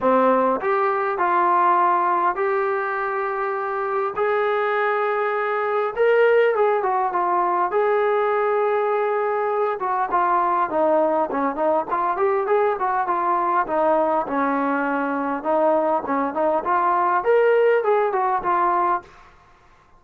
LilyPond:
\new Staff \with { instrumentName = "trombone" } { \time 4/4 \tempo 4 = 101 c'4 g'4 f'2 | g'2. gis'4~ | gis'2 ais'4 gis'8 fis'8 | f'4 gis'2.~ |
gis'8 fis'8 f'4 dis'4 cis'8 dis'8 | f'8 g'8 gis'8 fis'8 f'4 dis'4 | cis'2 dis'4 cis'8 dis'8 | f'4 ais'4 gis'8 fis'8 f'4 | }